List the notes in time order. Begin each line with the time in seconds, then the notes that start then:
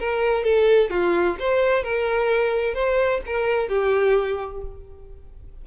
0.00 A#4
0.44 A4
0.91 F4
1.40 C5
1.84 A#4
2.75 C5
3.27 A#4
3.69 G4